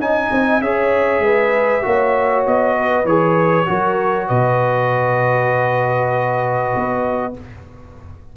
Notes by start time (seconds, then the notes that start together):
0.00 C#4 D#4 D#5 G#5
0.32 C4
0.61 C#4 G#4 C#5 E5
1.20 G#3 B4
1.82 A#3 F#4 C#5
2.46 B3 D#5
2.78 B4
3.05 E3 G#4 C#5
3.67 F#3 F#4 A#4
4.28 B2 B4 D#5
6.76 B3